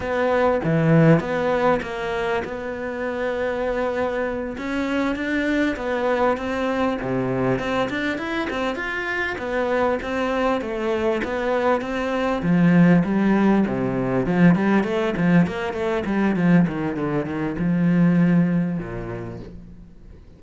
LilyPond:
\new Staff \with { instrumentName = "cello" } { \time 4/4 \tempo 4 = 99 b4 e4 b4 ais4 | b2.~ b8 cis'8~ | cis'8 d'4 b4 c'4 c8~ | c8 c'8 d'8 e'8 c'8 f'4 b8~ |
b8 c'4 a4 b4 c'8~ | c'8 f4 g4 c4 f8 | g8 a8 f8 ais8 a8 g8 f8 dis8 | d8 dis8 f2 ais,4 | }